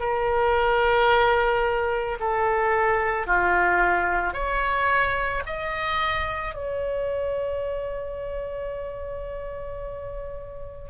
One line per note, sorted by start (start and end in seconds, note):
0.00 2.18 A#4
2.20 3.27 A4
3.27 4.34 F4
4.34 5.43 C#5
5.46 6.55 D#5
6.55 10.90 C#5